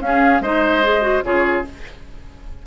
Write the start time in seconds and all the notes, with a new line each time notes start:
0.00 C#4 F5
0.07 G#4
0.41 G#3 D#4 C5 D#5
0.84 G#4
1.02 F#4
1.24 C#3 F4 G#4 C#5